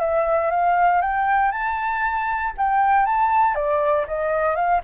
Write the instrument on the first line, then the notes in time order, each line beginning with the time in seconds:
flute
0.00 E5
0.51 F5
1.01 G5
1.51 A5
2.57 G5
3.06 A5
3.55 D5
4.07 D#5
4.55 F5